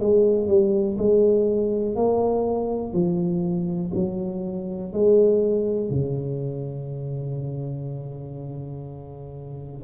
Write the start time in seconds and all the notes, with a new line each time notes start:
0.00 G#3
0.48 G3
0.98 G#3
1.96 A#3
2.94 F3
3.95 F#3
4.93 G#3
5.90 C#3